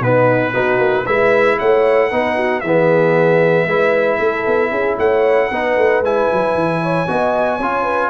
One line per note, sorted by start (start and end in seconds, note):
0.00 0.52 B2
0.00 0.54 B3
0.00 0.53 D#4
0.00 1.07 B4
0.53 0.79 B3
0.53 1.06 D#4
0.53 1.05 F#4
0.79 1.05 A#3
1.06 1.59 G#3
1.06 2.12 E4
1.06 1.58 B4
1.06 1.59 E5
1.59 2.12 A3
1.59 2.11 C#5
1.59 2.61 F#5
2.12 2.63 B3
2.12 2.64 D#4
2.12 2.36 B4
2.36 2.62 F#4
2.61 3.67 E3
2.61 3.67 G#4
2.61 4.95 E5
2.67 3.69 B3
3.67 4.19 G#3
3.67 5.51 E4
3.67 4.19 B4
4.20 4.46 A3
4.20 4.72 A4
4.46 4.71 B3
4.71 4.97 C#4
4.71 4.98 G#4
4.98 5.50 A3
4.98 5.50 C#5
4.98 6.04 F#5
5.51 5.77 B3
5.51 6.04 D#4
5.51 6.83 B4
5.77 6.01 A3
6.01 6.27 G#3
6.01 7.07 E4
6.01 8.10 G#5
6.33 6.54 F#3
6.54 7.07 E3
6.83 7.09 C#5
7.07 7.60 B3
7.07 7.60 F#4
7.07 7.58 D#5
7.58 8.10 C#4
7.58 8.10 F4
7.58 7.84 C#5
7.84 8.10 B4